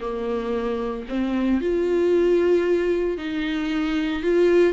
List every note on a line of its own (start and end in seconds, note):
0.00 1.05 A#3
1.08 1.61 C4
1.61 3.17 F4
3.17 4.22 D#4
4.22 4.73 F4